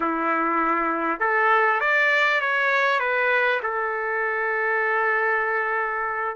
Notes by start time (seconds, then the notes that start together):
0.00 E4
1.20 A4
1.80 D5
2.40 C#5
2.99 B4
3.62 A4